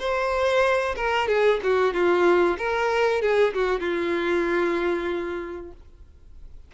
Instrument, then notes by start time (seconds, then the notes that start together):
violin
0.00 C5
0.96 A#4
1.29 G#4
1.64 F#4
1.94 F4
2.58 A#4
3.22 G#4
3.55 F#4
3.81 F4